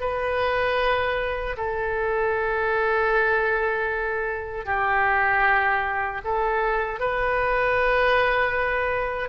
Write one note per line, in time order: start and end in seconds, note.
0.00 1.56 B4
1.57 4.65 A4
4.65 6.21 G4
6.24 7.00 A4
7.00 9.29 B4